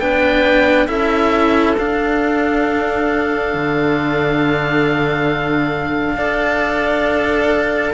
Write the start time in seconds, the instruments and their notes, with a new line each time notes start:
0.00 cello B3 D4, clarinet B4, oboe G5
0.87 cello C#4 E4, clarinet A4, oboe E5
1.78 cello D4, oboe F5
3.54 cello D3
6.15 cello D4 A4, clarinet D5